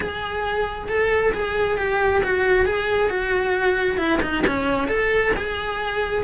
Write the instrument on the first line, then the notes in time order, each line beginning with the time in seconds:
cello
0.00 G#4
0.88 A4
1.33 G#4
1.77 G4
2.23 F#4
2.65 G#4
3.09 F#4
3.97 E4
4.22 D#4
4.47 C#4
4.88 A4
5.36 G#4